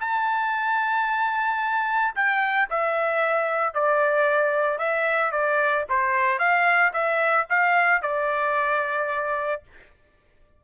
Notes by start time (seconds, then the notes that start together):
0.00 A5
2.15 G5
2.70 E5
3.74 D5
4.78 E5
5.31 D5
5.89 C5
6.39 F5
6.93 E5
7.50 F5
8.02 D5